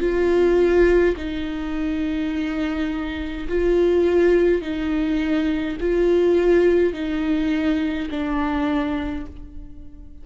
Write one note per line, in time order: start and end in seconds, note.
0.00 1.15 F4
1.17 3.48 D#4
3.48 4.62 F4
4.62 5.77 D#4
5.81 6.93 F4
6.93 8.09 D#4
8.10 9.26 D4